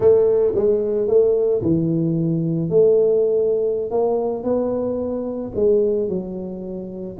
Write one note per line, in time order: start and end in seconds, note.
0.00 0.53 A3
0.55 1.07 G#3
1.07 1.61 A3
1.62 2.69 E3
2.69 3.90 A3
3.90 4.43 A#3
4.43 5.51 B3
5.55 6.09 G#3
6.09 7.17 F#3